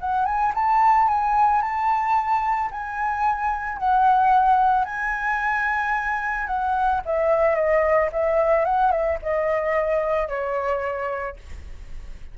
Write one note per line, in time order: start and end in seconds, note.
0.00 0.26 F#5
0.26 0.53 G#5
0.55 1.08 A5
1.08 1.62 G#5
1.62 2.70 A5
2.71 3.78 G#5
3.78 4.85 F#5
4.85 6.47 G#5
6.47 7.01 F#5
7.06 7.56 E5
7.56 8.10 D#5
8.13 8.65 E5
8.65 8.91 F#5
8.91 9.18 E5
9.23 10.28 D#5
10.28 11.36 C#5